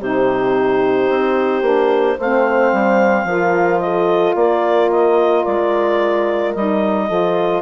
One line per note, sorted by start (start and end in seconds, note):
0.00 1.09 C3
0.00 1.62 D#4
0.00 2.17 G4
0.00 2.19 C5
1.09 1.62 C4
1.62 2.16 A#3
1.62 2.17 D4
2.17 2.72 A3
2.17 3.28 C4
2.17 3.27 C5
2.17 3.80 F5
2.72 3.24 G3
3.24 4.33 F3
3.24 6.55 F4
3.24 3.83 A#4
3.80 4.38 A4
3.80 4.34 D#5
4.35 5.44 A#3
4.35 7.09 A#4
4.35 4.90 D5
4.91 5.45 D#5
5.45 6.55 G#3
5.45 6.54 D5
6.55 7.10 G3
6.55 7.09 D#4
6.55 7.62 D#5
7.09 7.62 F3
7.09 7.62 F4
7.09 7.62 A4